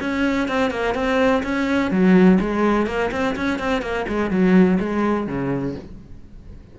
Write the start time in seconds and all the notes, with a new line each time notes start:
0.00 C#4
0.48 C4
0.70 A#3
0.94 C4
1.43 C#4
1.91 F#3
2.40 G#3
2.86 A#3
3.11 C4
3.36 C#4
3.59 C4
3.82 A#3
4.08 G#3
4.30 F#3
4.80 G#3
5.27 C#3